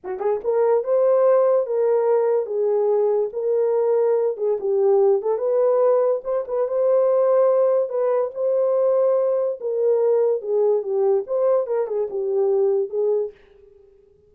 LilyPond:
\new Staff \with { instrumentName = "horn" } { \time 4/4 \tempo 4 = 144 fis'8 gis'8 ais'4 c''2 | ais'2 gis'2 | ais'2~ ais'8 gis'8 g'4~ | g'8 a'8 b'2 c''8 b'8 |
c''2. b'4 | c''2. ais'4~ | ais'4 gis'4 g'4 c''4 | ais'8 gis'8 g'2 gis'4 | }